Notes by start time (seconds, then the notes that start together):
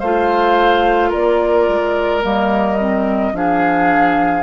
0.00 A3 F4 C5 F5
1.09 A#3 A#4 D5
1.69 G#3
2.22 G3 A#3 D#5
2.79 C4
3.33 F3 D4 G#4 F5